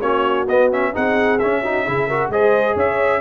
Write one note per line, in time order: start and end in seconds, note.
0.00 0.47 A#3
0.00 0.47 C#4
0.00 0.92 F#4
0.00 0.47 C#5
0.48 0.93 B3
0.48 0.72 B3
0.48 0.71 D#5
0.72 0.93 C#4
0.72 0.95 E5
0.93 1.42 C4
0.93 1.39 D#4
0.93 1.61 G#4
0.93 1.39 F#5
1.39 1.64 C#4
1.39 1.87 C#4
1.39 2.30 E5
1.61 1.86 D#4
1.61 1.84 F#4
1.85 2.29 C#3
1.85 2.09 E4
1.85 2.07 G#4
2.07 2.32 F#4
2.07 2.30 A#4
2.29 2.75 G#3
2.29 3.21 G#4
2.29 2.75 C5
2.29 2.77 D#5
2.75 3.21 C#4
2.75 3.21 C#5
2.75 3.21 E5